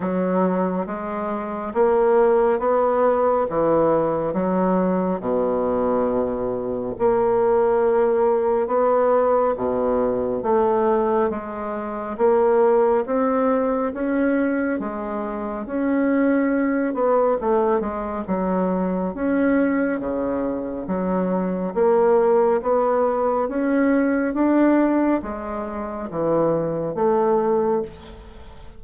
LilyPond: \new Staff \with { instrumentName = "bassoon" } { \time 4/4 \tempo 4 = 69 fis4 gis4 ais4 b4 | e4 fis4 b,2 | ais2 b4 b,4 | a4 gis4 ais4 c'4 |
cis'4 gis4 cis'4. b8 | a8 gis8 fis4 cis'4 cis4 | fis4 ais4 b4 cis'4 | d'4 gis4 e4 a4 | }